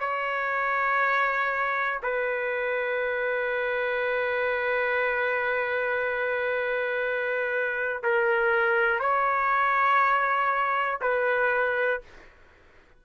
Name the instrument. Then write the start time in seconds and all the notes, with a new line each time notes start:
trumpet
0.00 C#5
2.02 B4
8.03 A#4
9.00 C#5
11.01 B4